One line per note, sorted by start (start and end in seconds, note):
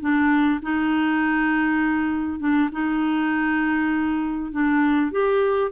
0.00 0.60 D4
0.62 2.39 D#4
2.39 2.69 D4
2.72 4.52 D#4
4.52 5.11 D4
5.11 5.71 G4